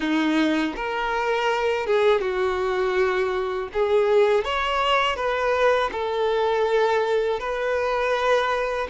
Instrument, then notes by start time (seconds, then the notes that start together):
violin
0.00 D#4
0.76 A#4
1.86 G#4
2.20 F#4
3.73 G#4
4.44 C#5
5.15 B4
5.92 A4
7.39 B4